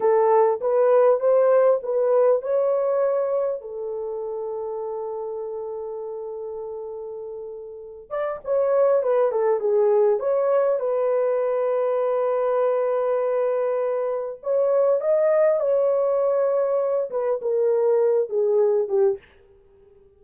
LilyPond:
\new Staff \with { instrumentName = "horn" } { \time 4/4 \tempo 4 = 100 a'4 b'4 c''4 b'4 | cis''2 a'2~ | a'1~ | a'4. d''8 cis''4 b'8 a'8 |
gis'4 cis''4 b'2~ | b'1 | cis''4 dis''4 cis''2~ | cis''8 b'8 ais'4. gis'4 g'8 | }